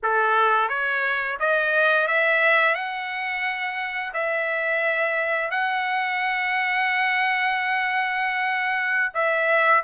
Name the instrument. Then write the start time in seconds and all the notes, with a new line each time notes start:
trumpet
0.03 A4
0.69 C#5
1.39 D#5
2.07 E5
2.74 F#5
4.13 E5
5.50 F#5
9.14 E5